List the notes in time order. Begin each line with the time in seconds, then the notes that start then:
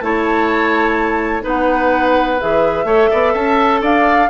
0.00 A3 E4 C#5 A5
1.42 B3 D#4 B4 F#5
2.40 E3 G#4 E5
2.84 A3 A4 C#5
3.10 B3 D5
3.33 C#4 E5 A5
3.82 D4 D5 F5